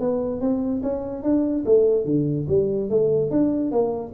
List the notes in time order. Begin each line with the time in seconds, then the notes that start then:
0.00 B3
0.41 C4
0.83 C#4
1.23 D4
1.66 A3
2.05 D3
2.48 G3
2.90 A3
3.31 D4
3.71 A#3